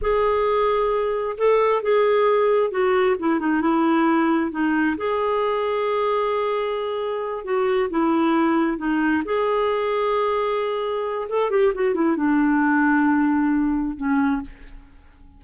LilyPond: \new Staff \with { instrumentName = "clarinet" } { \time 4/4 \tempo 4 = 133 gis'2. a'4 | gis'2 fis'4 e'8 dis'8 | e'2 dis'4 gis'4~ | gis'1~ |
gis'8 fis'4 e'2 dis'8~ | dis'8 gis'2.~ gis'8~ | gis'4 a'8 g'8 fis'8 e'8 d'4~ | d'2. cis'4 | }